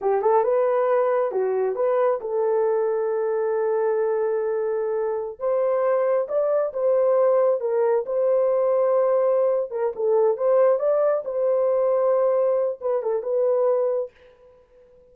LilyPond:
\new Staff \with { instrumentName = "horn" } { \time 4/4 \tempo 4 = 136 g'8 a'8 b'2 fis'4 | b'4 a'2.~ | a'1~ | a'16 c''2 d''4 c''8.~ |
c''4~ c''16 ais'4 c''4.~ c''16~ | c''2 ais'8 a'4 c''8~ | c''8 d''4 c''2~ c''8~ | c''4 b'8 a'8 b'2 | }